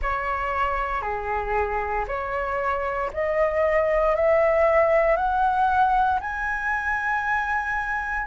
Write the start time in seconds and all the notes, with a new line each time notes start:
0.01 C#5
1.01 G#4
2.07 C#5
3.13 D#5
4.15 E5
5.16 F#5
6.20 G#5